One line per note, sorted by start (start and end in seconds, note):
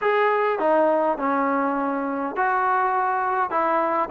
0.01 0.59 G#4
0.59 1.18 D#4
1.18 2.35 C#4
2.36 3.50 F#4
3.50 4.09 E4